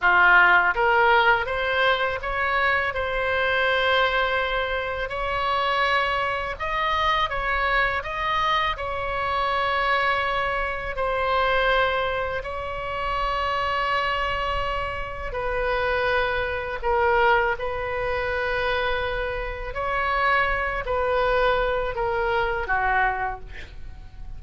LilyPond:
\new Staff \with { instrumentName = "oboe" } { \time 4/4 \tempo 4 = 82 f'4 ais'4 c''4 cis''4 | c''2. cis''4~ | cis''4 dis''4 cis''4 dis''4 | cis''2. c''4~ |
c''4 cis''2.~ | cis''4 b'2 ais'4 | b'2. cis''4~ | cis''8 b'4. ais'4 fis'4 | }